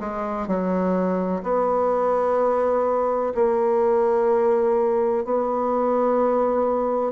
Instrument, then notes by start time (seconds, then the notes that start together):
bassoon
0.00 G#3
0.48 F#3
1.43 B3
3.35 A#3
5.25 B3